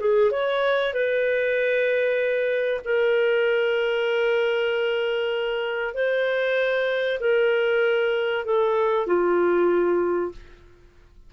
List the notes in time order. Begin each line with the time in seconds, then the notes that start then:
0.00 G#4
0.31 C#5
0.94 B4
2.85 A#4
5.94 C5
7.20 A#4
8.45 A4
9.07 F4